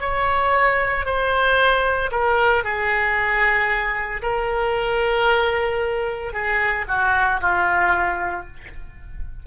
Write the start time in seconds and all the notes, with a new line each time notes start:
0.00 C#5
1.05 C5
2.11 A#4
2.64 G#4
4.22 A#4
6.33 G#4
6.88 F#4
7.41 F4